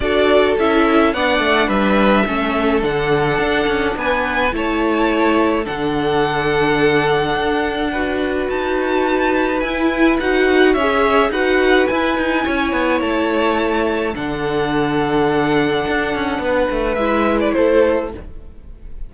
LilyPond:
<<
  \new Staff \with { instrumentName = "violin" } { \time 4/4 \tempo 4 = 106 d''4 e''4 fis''4 e''4~ | e''4 fis''2 gis''4 | a''2 fis''2~ | fis''2. a''4~ |
a''4 gis''4 fis''4 e''4 | fis''4 gis''2 a''4~ | a''4 fis''2.~ | fis''2 e''8. d''16 c''4 | }
  \new Staff \with { instrumentName = "violin" } { \time 4/4 a'2 d''4 b'4 | a'2. b'4 | cis''2 a'2~ | a'2 b'2~ |
b'2. cis''4 | b'2 cis''2~ | cis''4 a'2.~ | a'4 b'2 a'4 | }
  \new Staff \with { instrumentName = "viola" } { \time 4/4 fis'4 e'4 d'2 | cis'4 d'2. | e'2 d'2~ | d'2 fis'2~ |
fis'4 e'4 fis'4 gis'4 | fis'4 e'2.~ | e'4 d'2.~ | d'2 e'2 | }
  \new Staff \with { instrumentName = "cello" } { \time 4/4 d'4 cis'4 b8 a8 g4 | a4 d4 d'8 cis'8 b4 | a2 d2~ | d4 d'2 dis'4~ |
dis'4 e'4 dis'4 cis'4 | dis'4 e'8 dis'8 cis'8 b8 a4~ | a4 d2. | d'8 cis'8 b8 a8 gis4 a4 | }
>>